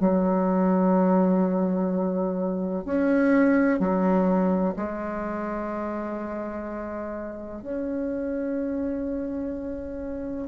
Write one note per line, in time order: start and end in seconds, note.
0.00 2.85 F#3
2.85 3.80 C#4
3.80 4.75 F#3
4.76 7.62 G#3
7.62 10.48 C#4